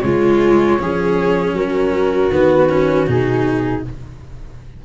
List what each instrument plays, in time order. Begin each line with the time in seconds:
0.00 tuba C#3, cello G#3, viola F4, flute C#5
0.79 tuba F3, cello C#4, viola G#4
1.52 tuba F#3, viola F#4, flute A#4
2.31 tuba D#3, cello B3, flute B4
2.69 cello C#4
3.07 tuba B2, cello D#4, flute G#4